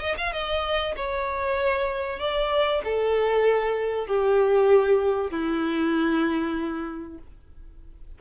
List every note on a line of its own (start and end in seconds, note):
0.00 0.16 D#5
0.18 0.33 F5
0.33 0.95 D#5
0.96 2.20 C#5
2.20 2.82 D5
2.85 4.07 A4
4.07 5.31 G4
5.31 7.18 E4